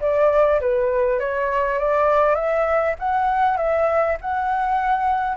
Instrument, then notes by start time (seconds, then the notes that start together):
flute
0.00 D5
0.60 B4
1.19 C#5
1.78 D5
2.35 E5
2.99 F#5
3.57 E5
4.21 F#5